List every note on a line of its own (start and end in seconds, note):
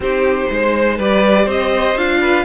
0.00 0.45 C4
0.00 1.00 D#4
0.00 0.50 G4
0.00 0.99 C5
0.50 0.98 G#3
0.50 0.96 C5
0.96 1.46 G3
0.96 1.97 G4
0.96 1.44 B4
0.96 1.48 D5
1.44 1.95 C4
1.44 2.18 C5
1.44 1.97 D#5
1.96 2.44 D4
1.96 2.44 F4
1.96 2.44 F5
2.20 2.44 B4